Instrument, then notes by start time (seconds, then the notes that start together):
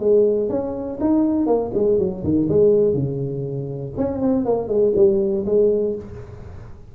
tuba
0.00 G#3
0.49 C#4
1.01 D#4
1.47 A#3
1.74 G#3
1.99 F#3
2.24 D#3
2.49 G#3
2.94 C#3
3.98 C#4
4.22 C4
4.45 A#3
4.68 G#3
4.96 G3
5.46 G#3